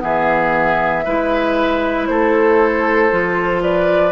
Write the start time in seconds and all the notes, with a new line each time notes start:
0.00 E3 B3 G#4 E5
1.05 G#3 E4 B4
2.07 A3 A4 C5
3.12 F3 F4
3.63 B4 D5